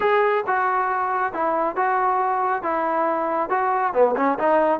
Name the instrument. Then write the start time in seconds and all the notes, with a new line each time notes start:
trombone
0.00 G#4
0.46 F#4
1.33 E4
1.76 F#4
2.62 E4
3.49 F#4
3.93 B3
4.16 C#4
4.38 D#4